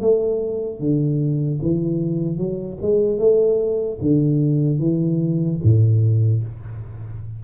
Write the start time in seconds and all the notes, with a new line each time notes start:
0.00 A3
0.79 D3
1.61 E3
2.37 F#3
2.81 G#3
3.18 A3
4.01 D3
4.79 E3
5.63 A2